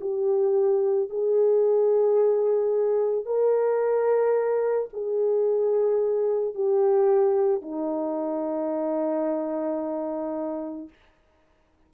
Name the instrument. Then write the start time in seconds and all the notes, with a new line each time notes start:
horn
0.00 G4
1.09 G#4
3.25 A#4
4.92 G#4
6.54 G4
7.61 D#4